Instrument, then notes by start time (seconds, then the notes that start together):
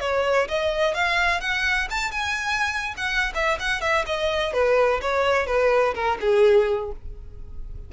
violin
0.00 C#5
0.48 D#5
0.94 F5
1.40 F#5
1.90 A5
2.11 G#5
2.97 F#5
3.34 E5
3.59 F#5
3.81 E5
4.06 D#5
4.53 B4
5.01 C#5
5.47 B4
5.94 A#4
6.20 G#4